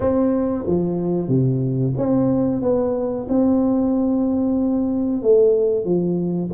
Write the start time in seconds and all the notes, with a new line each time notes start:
0.00 C4
0.66 F3
1.28 C3
1.97 C4
2.61 B3
3.28 C4
5.22 A3
5.84 F3